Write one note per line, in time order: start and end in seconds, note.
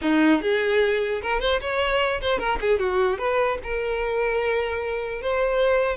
0.01 0.41 D#4
0.41 1.21 G#4
1.22 1.40 A#4
1.40 1.60 C5
1.60 2.20 C#5
2.21 2.38 C5
2.38 2.58 A#4
2.61 2.79 G#4
2.79 3.18 F#4
3.18 3.58 B4
3.63 5.21 A#4
5.21 5.96 C5